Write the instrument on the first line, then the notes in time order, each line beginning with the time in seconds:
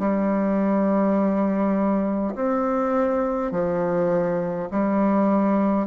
bassoon
0.00 G3
2.36 C4
3.52 F3
4.72 G3